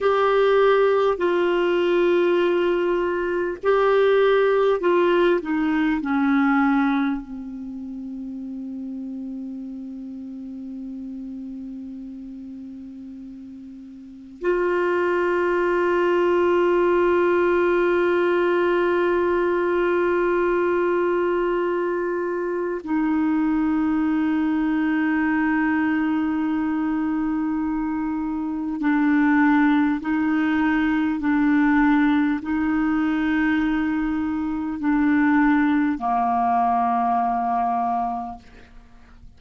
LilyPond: \new Staff \with { instrumentName = "clarinet" } { \time 4/4 \tempo 4 = 50 g'4 f'2 g'4 | f'8 dis'8 cis'4 c'2~ | c'1 | f'1~ |
f'2. dis'4~ | dis'1 | d'4 dis'4 d'4 dis'4~ | dis'4 d'4 ais2 | }